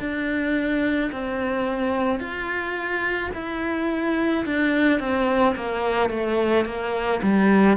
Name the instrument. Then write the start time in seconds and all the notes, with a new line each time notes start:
cello
0.00 D4
1.12 C4
2.20 F4
3.34 E4
4.46 D4
4.99 C4
5.56 A#3
6.10 A3
6.65 A#3
7.22 G3